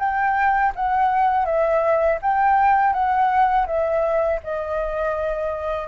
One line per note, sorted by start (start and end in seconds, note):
0.00 0.73 G5
0.76 1.46 F#5
1.46 2.19 E5
2.22 2.93 G5
2.93 3.67 F#5
3.67 4.40 E5
4.44 5.88 D#5